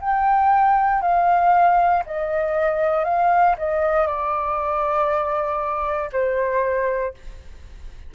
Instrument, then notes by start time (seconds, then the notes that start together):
flute
0.00 G5
1.01 F5
2.06 D#5
3.04 F5
3.58 D#5
4.06 D5
6.12 C5